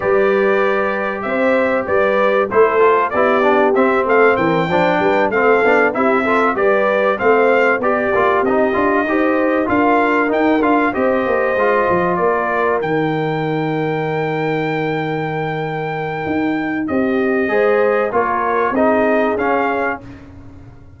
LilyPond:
<<
  \new Staff \with { instrumentName = "trumpet" } { \time 4/4 \tempo 4 = 96 d''2 e''4 d''4 | c''4 d''4 e''8 f''8 g''4~ | g''8 f''4 e''4 d''4 f''8~ | f''8 d''4 dis''2 f''8~ |
f''8 g''8 f''8 dis''2 d''8~ | d''8 g''2.~ g''8~ | g''2. dis''4~ | dis''4 cis''4 dis''4 f''4 | }
  \new Staff \with { instrumentName = "horn" } { \time 4/4 b'2 c''4 b'4 | a'4 g'4. a'8 ais'8 c''8 | b'8 a'4 g'8 a'8 b'4 c''8~ | c''8 g'2 c''4 ais'8~ |
ais'4. c''2 ais'8~ | ais'1~ | ais'2. g'4 | c''4 ais'4 gis'2 | }
  \new Staff \with { instrumentName = "trombone" } { \time 4/4 g'1 | e'8 f'8 e'8 d'8 c'4. d'8~ | d'8 c'8 d'8 e'8 f'8 g'4 c'8~ | c'8 g'8 f'8 dis'8 f'8 g'4 f'8~ |
f'8 dis'8 f'8 g'4 f'4.~ | f'8 dis'2.~ dis'8~ | dis'1 | gis'4 f'4 dis'4 cis'4 | }
  \new Staff \with { instrumentName = "tuba" } { \time 4/4 g2 c'4 g4 | a4 b4 c'8 a8 e8 f8 | g8 a8 b8 c'4 g4 a8~ | a8 b8 ais8 c'8 d'8 dis'4 d'8~ |
d'8 dis'8 d'8 c'8 ais8 gis8 f8 ais8~ | ais8 dis2.~ dis8~ | dis2 dis'4 c'4 | gis4 ais4 c'4 cis'4 | }
>>